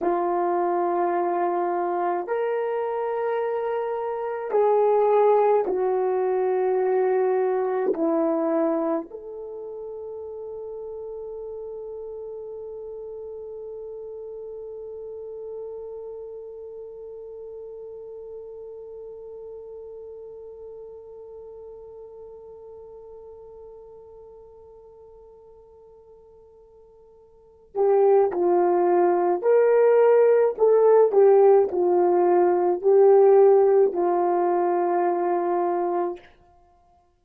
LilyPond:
\new Staff \with { instrumentName = "horn" } { \time 4/4 \tempo 4 = 53 f'2 ais'2 | gis'4 fis'2 e'4 | a'1~ | a'1~ |
a'1~ | a'1~ | a'8 g'8 f'4 ais'4 a'8 g'8 | f'4 g'4 f'2 | }